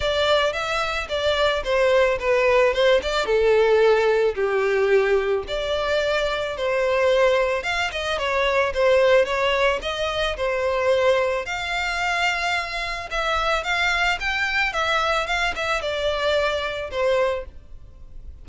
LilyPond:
\new Staff \with { instrumentName = "violin" } { \time 4/4 \tempo 4 = 110 d''4 e''4 d''4 c''4 | b'4 c''8 d''8 a'2 | g'2 d''2 | c''2 f''8 dis''8 cis''4 |
c''4 cis''4 dis''4 c''4~ | c''4 f''2. | e''4 f''4 g''4 e''4 | f''8 e''8 d''2 c''4 | }